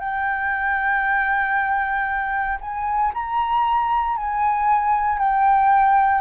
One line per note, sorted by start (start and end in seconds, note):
0.00 2.59 G5
2.61 3.13 G#5
3.14 4.17 A#5
4.17 5.19 G#5
5.19 6.22 G5